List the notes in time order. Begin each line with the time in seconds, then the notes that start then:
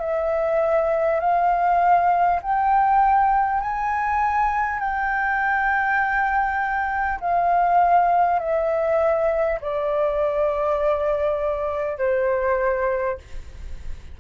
0.00 E5
1.20 F5
2.42 G5
3.61 G#5
4.79 G5
7.21 F5
8.39 E5
9.61 D5
11.98 C5